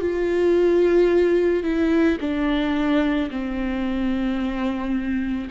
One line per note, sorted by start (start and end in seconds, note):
0.00 1.63 F4
1.63 2.17 E4
2.20 3.29 D4
3.30 5.48 C4